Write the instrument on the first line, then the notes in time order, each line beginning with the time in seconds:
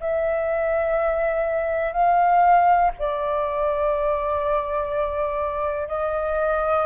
flute
0.00 E5
1.92 F5
2.98 D5
5.87 D#5